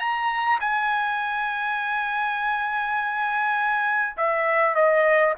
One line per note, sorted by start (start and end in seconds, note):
0.00 0.59 A#5
0.61 4.17 G#5
4.17 4.75 E5
4.75 5.35 D#5